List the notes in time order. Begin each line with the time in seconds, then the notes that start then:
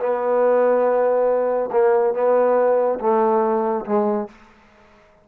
0.00 B3
1.72 A#3
2.14 B3
3.00 A3
3.86 G#3